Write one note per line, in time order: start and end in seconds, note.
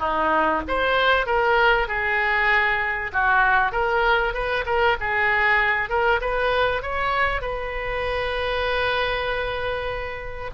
0.00 0.62 D#4
0.68 1.27 C5
1.27 1.88 A#4
1.88 3.12 G#4
3.13 3.72 F#4
3.72 4.34 A#4
4.34 4.65 B4
4.66 4.97 A#4
5.00 5.90 G#4
5.90 6.21 A#4
6.21 6.82 B4
6.82 7.42 C#5
7.42 10.51 B4